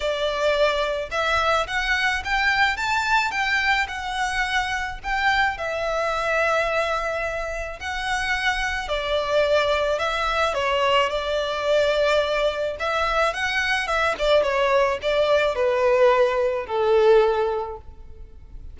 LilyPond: \new Staff \with { instrumentName = "violin" } { \time 4/4 \tempo 4 = 108 d''2 e''4 fis''4 | g''4 a''4 g''4 fis''4~ | fis''4 g''4 e''2~ | e''2 fis''2 |
d''2 e''4 cis''4 | d''2. e''4 | fis''4 e''8 d''8 cis''4 d''4 | b'2 a'2 | }